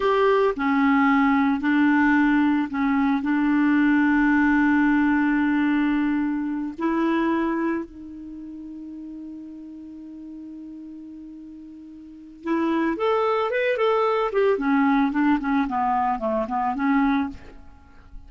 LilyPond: \new Staff \with { instrumentName = "clarinet" } { \time 4/4 \tempo 4 = 111 g'4 cis'2 d'4~ | d'4 cis'4 d'2~ | d'1~ | d'8 e'2 dis'4.~ |
dis'1~ | dis'2. e'4 | a'4 b'8 a'4 g'8 cis'4 | d'8 cis'8 b4 a8 b8 cis'4 | }